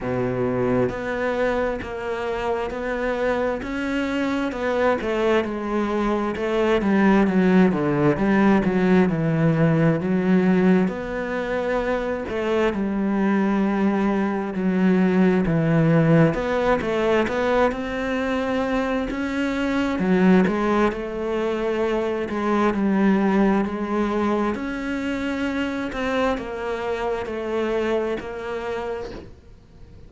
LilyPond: \new Staff \with { instrumentName = "cello" } { \time 4/4 \tempo 4 = 66 b,4 b4 ais4 b4 | cis'4 b8 a8 gis4 a8 g8 | fis8 d8 g8 fis8 e4 fis4 | b4. a8 g2 |
fis4 e4 b8 a8 b8 c'8~ | c'4 cis'4 fis8 gis8 a4~ | a8 gis8 g4 gis4 cis'4~ | cis'8 c'8 ais4 a4 ais4 | }